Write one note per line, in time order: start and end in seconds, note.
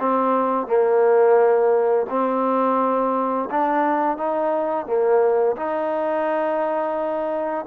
0.00 0.67 C4
0.67 2.07 A#3
2.10 3.49 C4
3.51 4.18 D4
4.18 4.87 D#4
4.87 5.57 A#3
5.57 7.66 D#4